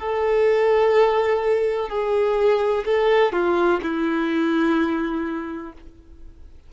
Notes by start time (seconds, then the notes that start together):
0.00 A4
1.89 G#4
2.86 A4
3.33 F4
3.83 E4